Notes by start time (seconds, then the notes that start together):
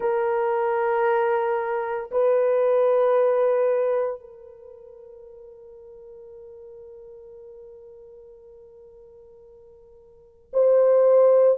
0.00 A#4
2.11 B4
4.20 A#4
10.53 C5